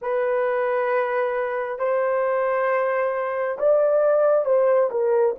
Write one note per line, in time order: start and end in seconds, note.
0.01 1.79 B4
1.79 3.58 C5
3.58 4.45 D5
4.45 4.90 C5
4.91 5.35 A#4